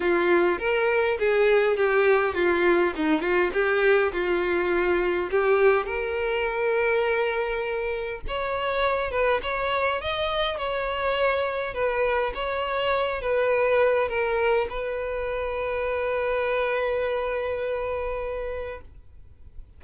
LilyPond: \new Staff \with { instrumentName = "violin" } { \time 4/4 \tempo 4 = 102 f'4 ais'4 gis'4 g'4 | f'4 dis'8 f'8 g'4 f'4~ | f'4 g'4 ais'2~ | ais'2 cis''4. b'8 |
cis''4 dis''4 cis''2 | b'4 cis''4. b'4. | ais'4 b'2.~ | b'1 | }